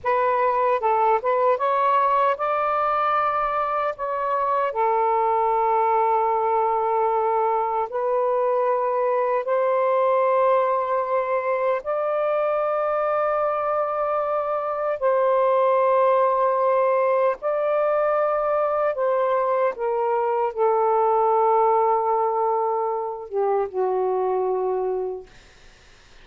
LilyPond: \new Staff \with { instrumentName = "saxophone" } { \time 4/4 \tempo 4 = 76 b'4 a'8 b'8 cis''4 d''4~ | d''4 cis''4 a'2~ | a'2 b'2 | c''2. d''4~ |
d''2. c''4~ | c''2 d''2 | c''4 ais'4 a'2~ | a'4. g'8 fis'2 | }